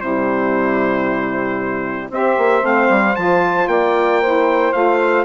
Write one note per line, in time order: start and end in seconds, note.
0.00 2.10 C3
0.00 2.11 G3
0.00 2.11 E4
0.00 2.11 C5
2.10 2.37 C4
2.10 2.61 G4
2.10 3.70 C5
2.10 2.66 E5
2.38 2.63 A#3
2.61 2.89 A3
2.61 3.13 C4
2.61 3.16 F5
2.89 3.16 G3
3.16 3.68 F3
3.16 4.22 F4
3.16 3.68 A5
3.68 4.73 A#3
3.68 4.21 D5
3.68 4.73 G5
4.21 4.73 E4
4.21 5.25 C5
4.73 5.25 A3
4.73 5.25 F4
4.73 5.25 F5